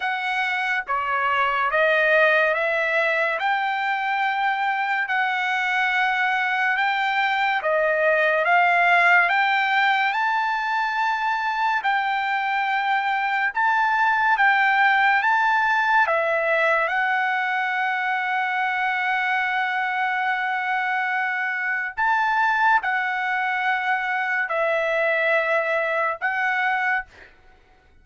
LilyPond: \new Staff \with { instrumentName = "trumpet" } { \time 4/4 \tempo 4 = 71 fis''4 cis''4 dis''4 e''4 | g''2 fis''2 | g''4 dis''4 f''4 g''4 | a''2 g''2 |
a''4 g''4 a''4 e''4 | fis''1~ | fis''2 a''4 fis''4~ | fis''4 e''2 fis''4 | }